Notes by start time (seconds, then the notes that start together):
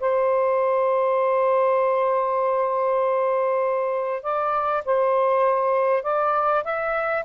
0.00 C5
4.23 D5
4.85 C5
6.03 D5
6.64 E5